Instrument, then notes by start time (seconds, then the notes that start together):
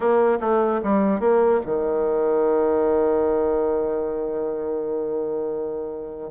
bassoon
0.00 A#3
0.40 A3
0.83 G3
1.20 A#3
1.65 D#3